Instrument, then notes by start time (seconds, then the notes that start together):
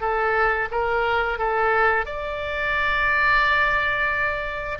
oboe
0.00 A4
0.71 A#4
1.38 A4
2.05 D5